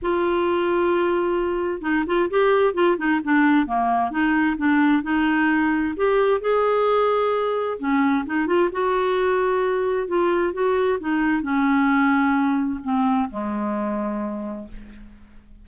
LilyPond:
\new Staff \with { instrumentName = "clarinet" } { \time 4/4 \tempo 4 = 131 f'1 | dis'8 f'8 g'4 f'8 dis'8 d'4 | ais4 dis'4 d'4 dis'4~ | dis'4 g'4 gis'2~ |
gis'4 cis'4 dis'8 f'8 fis'4~ | fis'2 f'4 fis'4 | dis'4 cis'2. | c'4 gis2. | }